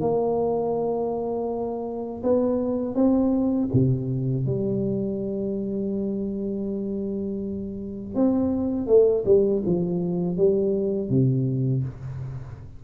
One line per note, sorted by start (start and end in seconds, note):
0.00 2.22 A#3
2.23 2.95 B3
2.95 3.69 C4
3.73 4.46 C3
4.46 8.14 G3
8.14 8.87 C4
8.87 9.24 A3
9.25 9.62 G3
9.66 10.37 F3
10.37 11.09 G3
11.09 11.84 C3